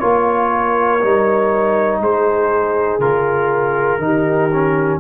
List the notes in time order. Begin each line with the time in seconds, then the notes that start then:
0.00 A#3 F4 A#4 C#5
1.01 G3 D#4
2.00 G#3 G#4 C5
2.99 C#3 F4 A#4
3.98 D#3 D#4
4.04 G4
4.53 C#4